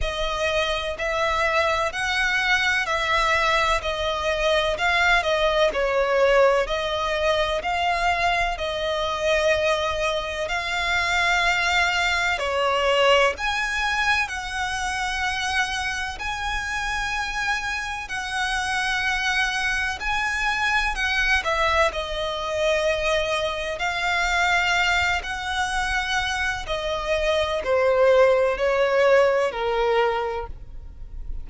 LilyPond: \new Staff \with { instrumentName = "violin" } { \time 4/4 \tempo 4 = 63 dis''4 e''4 fis''4 e''4 | dis''4 f''8 dis''8 cis''4 dis''4 | f''4 dis''2 f''4~ | f''4 cis''4 gis''4 fis''4~ |
fis''4 gis''2 fis''4~ | fis''4 gis''4 fis''8 e''8 dis''4~ | dis''4 f''4. fis''4. | dis''4 c''4 cis''4 ais'4 | }